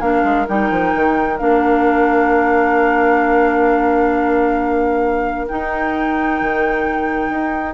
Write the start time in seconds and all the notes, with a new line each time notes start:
0.00 A#3 D4 A#4 F5
0.24 G#3
0.47 G3 D#4 G5
0.70 F3
0.95 D#3
1.37 A#3 D4 F5
5.48 D#4 G5
6.41 D#3
7.29 D#4